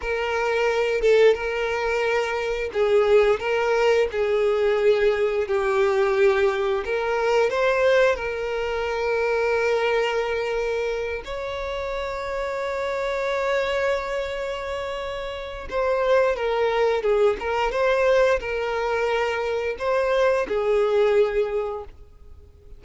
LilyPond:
\new Staff \with { instrumentName = "violin" } { \time 4/4 \tempo 4 = 88 ais'4. a'8 ais'2 | gis'4 ais'4 gis'2 | g'2 ais'4 c''4 | ais'1~ |
ais'8 cis''2.~ cis''8~ | cis''2. c''4 | ais'4 gis'8 ais'8 c''4 ais'4~ | ais'4 c''4 gis'2 | }